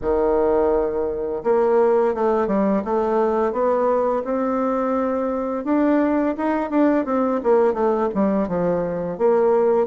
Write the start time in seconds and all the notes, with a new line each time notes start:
0.01 D#3
1.43 A#3
2.14 A3
2.47 G3
2.84 A3
3.52 B3
4.24 C4
5.64 D4
6.37 D#4
6.69 D4
7.05 C4
7.43 A#3
7.73 A3
8.14 G3
8.48 F3
9.18 A#3